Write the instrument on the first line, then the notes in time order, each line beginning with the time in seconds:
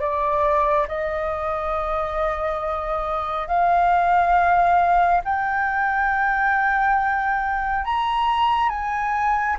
flute
0.00 D5
0.88 D#5
3.47 F5
5.25 G5
7.85 A#5
8.70 G#5